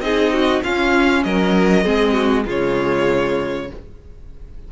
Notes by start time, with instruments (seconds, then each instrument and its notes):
0.00 cello C4, viola D#4, violin G#4 D#5
0.33 violin F#4
0.64 cello C#4, viola C#4, violin F4 F5
1.23 cello F#3, violin A#4 D#5
1.84 cello G#3, viola C4, violin G#4
2.13 violin F#4
2.45 cello C#3, viola G#3, violin F4 C#5